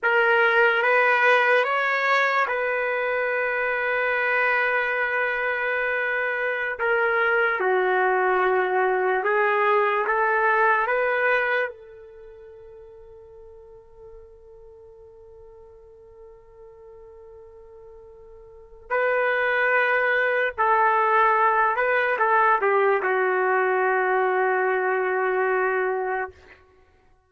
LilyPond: \new Staff \with { instrumentName = "trumpet" } { \time 4/4 \tempo 4 = 73 ais'4 b'4 cis''4 b'4~ | b'1~ | b'16 ais'4 fis'2 gis'8.~ | gis'16 a'4 b'4 a'4.~ a'16~ |
a'1~ | a'2. b'4~ | b'4 a'4. b'8 a'8 g'8 | fis'1 | }